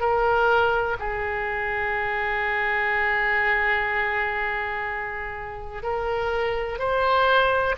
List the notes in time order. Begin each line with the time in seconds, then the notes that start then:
0.00 A#4
0.99 G#4
5.82 A#4
6.78 C5